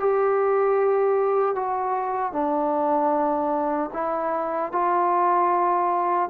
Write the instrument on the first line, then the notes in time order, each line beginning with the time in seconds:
trombone
0.00 G4
1.56 F#4
2.33 D4
3.93 E4
4.72 F4